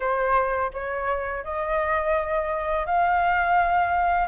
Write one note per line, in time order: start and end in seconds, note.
0.00 0.71 C5
0.73 1.44 C#5
1.44 2.85 D#5
2.85 4.28 F5